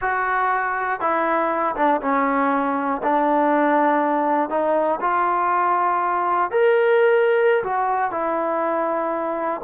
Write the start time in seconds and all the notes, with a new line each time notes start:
0.01 F#4
1.00 E4
1.75 D4
2.01 C#4
3.02 D4
4.49 D#4
5.00 F4
6.50 A#4
7.63 F#4
8.11 E4